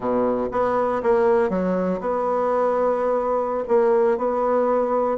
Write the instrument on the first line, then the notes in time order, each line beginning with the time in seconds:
bassoon
0.00 B2
0.51 B3
1.02 A#3
1.49 F#3
2.00 B3
3.68 A#3
4.17 B3